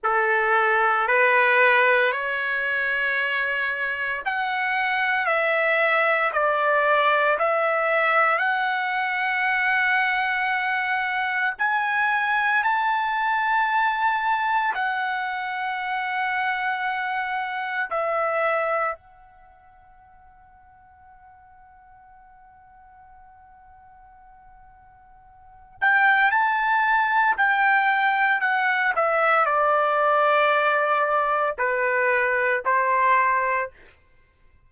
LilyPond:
\new Staff \with { instrumentName = "trumpet" } { \time 4/4 \tempo 4 = 57 a'4 b'4 cis''2 | fis''4 e''4 d''4 e''4 | fis''2. gis''4 | a''2 fis''2~ |
fis''4 e''4 fis''2~ | fis''1~ | fis''8 g''8 a''4 g''4 fis''8 e''8 | d''2 b'4 c''4 | }